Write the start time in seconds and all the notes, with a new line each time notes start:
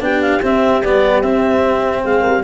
0.00 B3 D4 G4 G5
0.21 F5
0.42 C4 E5
0.81 G3 B3 D5
1.22 C4 E5
2.04 G#3 G#4 F5
2.20 G3 A#4